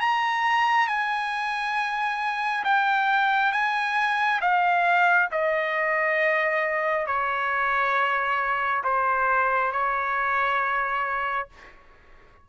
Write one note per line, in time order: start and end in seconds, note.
0.00 0.87 A#5
0.87 2.64 G#5
2.64 3.52 G5
3.52 4.40 G#5
4.41 5.29 F5
5.31 7.07 D#5
7.07 8.83 C#5
8.84 9.72 C5
9.72 11.49 C#5